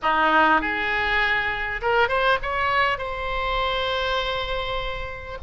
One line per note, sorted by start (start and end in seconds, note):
0.02 0.61 D#4
0.61 1.81 G#4
1.81 2.08 A#4
2.08 2.38 C5
2.42 2.98 C#5
2.98 5.38 C5